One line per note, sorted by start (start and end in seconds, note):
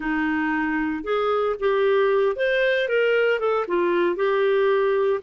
0.00 1.03 D#4
1.03 1.55 G#4
1.59 2.36 G4
2.36 2.88 C5
2.88 3.39 A#4
3.39 3.65 A4
3.67 4.15 F4
4.15 5.20 G4